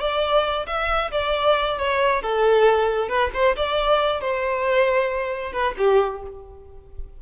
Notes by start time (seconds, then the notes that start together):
0.00 D5
0.67 E5
1.12 D5
1.79 C#5
2.23 A4
3.09 B4
3.34 C5
3.56 D5
4.21 C5
5.53 B4
5.78 G4